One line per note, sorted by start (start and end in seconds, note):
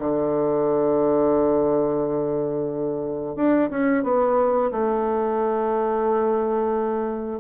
0.00 3.36 D3
3.36 3.70 D4
3.70 4.04 C#4
4.04 4.71 B3
4.72 7.40 A3